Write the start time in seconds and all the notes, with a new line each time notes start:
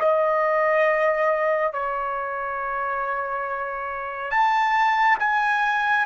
0.00 D#5
1.74 C#5
4.31 A5
5.20 G#5